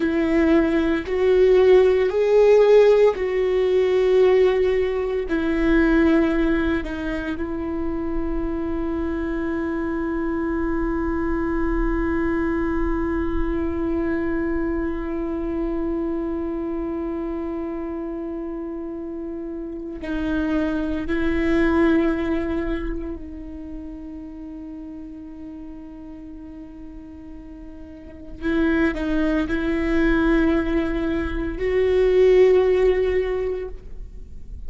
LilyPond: \new Staff \with { instrumentName = "viola" } { \time 4/4 \tempo 4 = 57 e'4 fis'4 gis'4 fis'4~ | fis'4 e'4. dis'8 e'4~ | e'1~ | e'1~ |
e'2. dis'4 | e'2 dis'2~ | dis'2. e'8 dis'8 | e'2 fis'2 | }